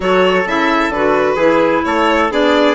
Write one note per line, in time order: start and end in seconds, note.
0.00 0.46 F#3
0.00 0.45 F#4
0.00 1.35 A4
0.00 0.47 C#5
0.46 0.89 C#3
0.46 0.93 E4
0.46 0.92 E5
0.89 1.35 D3
0.89 1.38 F#4
0.89 1.84 B4
1.35 1.82 E3
1.35 2.30 E4
1.35 1.81 G#4
1.84 2.30 A3
1.84 2.32 A4
1.84 2.30 C#5
2.30 2.74 B3
2.30 2.74 D4
2.30 2.74 G#4
2.30 2.74 D5